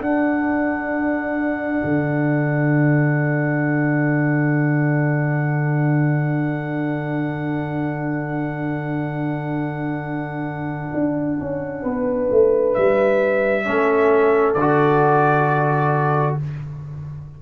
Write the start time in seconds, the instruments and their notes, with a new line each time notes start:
0.00 tuba D4, trombone D4, horn A4, trumpet F#5
1.84 tuba D3
10.94 tuba D4
11.41 tuba C#4
11.83 tuba B3, horn B4
12.31 tuba A3
12.74 tuba G3, trumpet E5
13.65 tuba A3, trombone C#4, horn A4
14.54 tuba D3, trumpet D5
14.61 trombone F#4